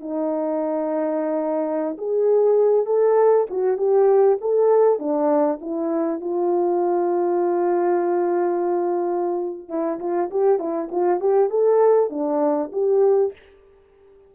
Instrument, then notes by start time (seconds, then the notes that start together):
horn
0.00 D#4
1.98 G#4
2.86 A4
3.50 F#4
3.77 G4
4.41 A4
4.99 D4
5.61 E4
6.21 F4
9.69 E4
9.99 F4
10.31 G4
10.59 E4
10.91 F4
11.20 G4
11.50 A4
12.10 D4
12.72 G4